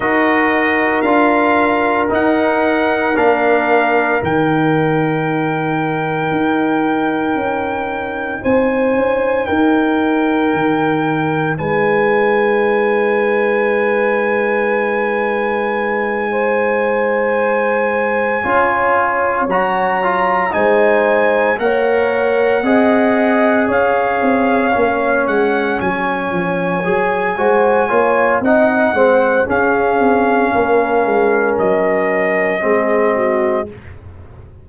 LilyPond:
<<
  \new Staff \with { instrumentName = "trumpet" } { \time 4/4 \tempo 4 = 57 dis''4 f''4 fis''4 f''4 | g''1 | gis''4 g''2 gis''4~ | gis''1~ |
gis''2~ gis''8 ais''4 gis''8~ | gis''8 fis''2 f''4. | fis''8 gis''2~ gis''8 fis''4 | f''2 dis''2 | }
  \new Staff \with { instrumentName = "horn" } { \time 4/4 ais'1~ | ais'1 | c''4 ais'2 b'4~ | b'2.~ b'8 c''8~ |
c''4. cis''2 c''8~ | c''8 cis''4 dis''4 cis''4.~ | cis''2 c''8 cis''8 dis''8 c''8 | gis'4 ais'2 gis'8 fis'8 | }
  \new Staff \with { instrumentName = "trombone" } { \time 4/4 fis'4 f'4 dis'4 d'4 | dis'1~ | dis'1~ | dis'1~ |
dis'4. f'4 fis'8 f'8 dis'8~ | dis'8 ais'4 gis'2 cis'8~ | cis'4. gis'8 fis'8 f'8 dis'8 c'8 | cis'2. c'4 | }
  \new Staff \with { instrumentName = "tuba" } { \time 4/4 dis'4 d'4 dis'4 ais4 | dis2 dis'4 cis'4 | c'8 cis'8 dis'4 dis4 gis4~ | gis1~ |
gis4. cis'4 fis4 gis8~ | gis8 ais4 c'4 cis'8 c'8 ais8 | gis8 fis8 f8 fis8 gis8 ais8 c'8 gis8 | cis'8 c'8 ais8 gis8 fis4 gis4 | }
>>